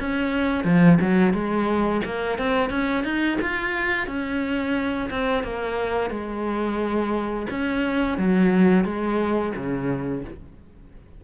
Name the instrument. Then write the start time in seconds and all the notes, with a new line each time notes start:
cello
0.00 C#4
0.64 F3
1.01 F#3
1.33 G#3
2.05 A#3
2.38 C4
2.70 C#4
3.04 D#4
3.41 F4
4.07 C#4
5.10 C4
5.43 A#3
6.10 G#3
7.50 C#4
8.18 F#3
8.85 G#3
9.56 C#3